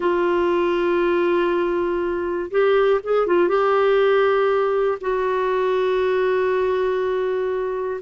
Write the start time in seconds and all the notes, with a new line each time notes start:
0.00 F4
2.50 G4
3.03 G#4
3.27 F4
3.48 G4
5.00 F#4